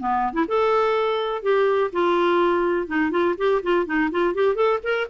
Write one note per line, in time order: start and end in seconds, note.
0.00 0.33 B3
0.33 0.46 E4
0.48 1.43 A4
1.43 1.91 G4
1.92 2.87 F4
2.87 3.11 D#4
3.11 3.35 F4
3.38 3.62 G4
3.63 3.86 F4
3.86 4.10 D#4
4.11 4.34 F4
4.34 4.55 G4
4.55 4.79 A4
4.83 5.07 A#4